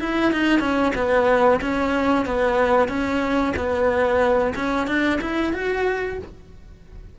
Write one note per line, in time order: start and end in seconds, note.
0.00 0.33 E4
0.33 0.60 D#4
0.60 0.93 C#4
0.95 1.61 B3
1.62 2.26 C#4
2.26 2.89 B3
2.89 3.54 C#4
3.57 4.55 B3
4.56 4.87 C#4
4.87 5.20 D4
5.22 5.54 E4
5.54 6.19 F#4